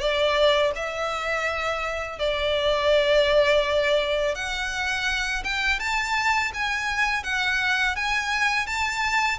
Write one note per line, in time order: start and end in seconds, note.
0.00 0.72 D5
0.76 2.19 E5
2.19 4.36 D5
4.36 5.44 F#5
5.44 5.80 G5
5.80 6.53 A5
6.54 7.24 G#5
7.24 7.96 F#5
7.96 8.67 G#5
8.67 9.39 A5